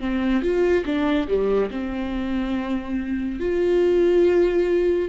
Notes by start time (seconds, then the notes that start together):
0.00 C4
0.42 F4
0.85 D4
1.28 G3
1.71 C4
3.40 F4